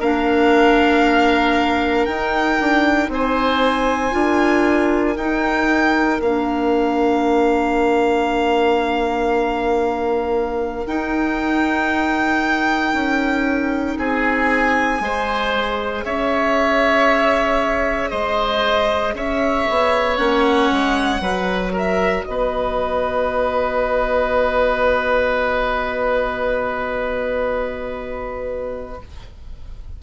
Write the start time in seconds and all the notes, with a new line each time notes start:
0.00 A#3 D4 A#4 F5
2.06 D#4 G5
2.61 D4
3.09 C4 C5 G#5
4.12 D4 F4 A#4
5.17 D#4 G5
6.21 A#3 D4 F5
10.87 D#4 G5
12.94 C#4
13.98 C4 G#4 G#5
15.00 G#3 G#4 C5
16.05 C#4 C#5 E5
18.11 G#3 C5 D#5
19.14 C#4 C#5 E5
19.70 B3
20.17 A#3 C#4 F#5
20.72 G#3
21.19 F#3 F#4 B4
21.73 A#4 E5
22.25 B3 B4 D#5